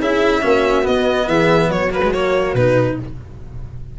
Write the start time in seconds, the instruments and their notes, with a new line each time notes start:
0.00 tuba C#4, cello E4, horn G#4, violin E5
0.41 tuba A#3, cello C#4, horn F#4
0.83 cello B3, tuba B3, violin D#5
1.28 tuba E3, horn G#4, violin E5
1.69 tuba F#3, horn F#4, violin C#5
1.91 cello A#3, violin B4
2.04 cello G#3
2.13 cello A#3, violin C#5
2.54 tuba B2, cello D#4, violin B4